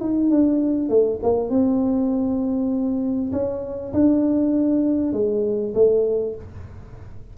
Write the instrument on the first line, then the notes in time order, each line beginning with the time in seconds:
tuba
0.00 D#4
0.30 D4
0.89 A3
1.23 A#3
1.50 C4
3.32 C#4
3.93 D4
5.13 G#3
5.74 A3